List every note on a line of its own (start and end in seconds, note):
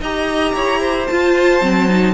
0.00 0.54 D#4
0.00 1.10 G4
0.00 0.54 D#5
0.00 1.07 A#5
0.54 1.08 E4
0.54 0.80 C#5
0.80 2.14 C5
1.07 1.61 F4
1.07 2.14 A5
1.61 2.14 F#3
1.61 1.88 C4
1.89 2.14 D#4